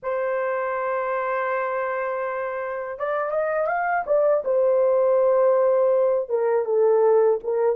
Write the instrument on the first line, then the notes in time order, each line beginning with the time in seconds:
horn
0.02 C5
2.98 D5
3.31 D#5
3.67 F5
4.06 D5
4.44 C5
6.29 A#4
6.65 A4
7.43 A#4